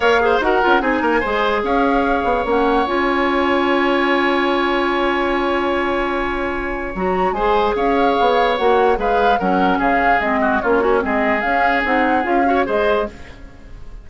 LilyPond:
<<
  \new Staff \with { instrumentName = "flute" } { \time 4/4 \tempo 4 = 147 f''4 fis''4 gis''2 | f''2 fis''4 gis''4~ | gis''1~ | gis''1~ |
gis''4 ais''4 gis''4 f''4~ | f''4 fis''4 f''4 fis''4 | f''4 dis''4 cis''4 dis''4 | f''4 fis''4 f''4 dis''4 | }
  \new Staff \with { instrumentName = "oboe" } { \time 4/4 cis''8 c''8 ais'4 gis'8 ais'8 c''4 | cis''1~ | cis''1~ | cis''1~ |
cis''2 c''4 cis''4~ | cis''2 b'4 ais'4 | gis'4. fis'8 f'8 cis'8 gis'4~ | gis'2~ gis'8 cis''8 c''4 | }
  \new Staff \with { instrumentName = "clarinet" } { \time 4/4 ais'8 gis'8 fis'8 f'8 dis'4 gis'4~ | gis'2 cis'4 f'4~ | f'1~ | f'1~ |
f'4 fis'4 gis'2~ | gis'4 fis'4 gis'4 cis'4~ | cis'4 c'4 cis'8 fis'8 c'4 | cis'4 dis'4 f'8 fis'8 gis'4 | }
  \new Staff \with { instrumentName = "bassoon" } { \time 4/4 ais4 dis'8 cis'8 c'8 ais8 gis4 | cis'4. b8 ais4 cis'4~ | cis'1~ | cis'1~ |
cis'4 fis4 gis4 cis'4 | b4 ais4 gis4 fis4 | cis4 gis4 ais4 gis4 | cis'4 c'4 cis'4 gis4 | }
>>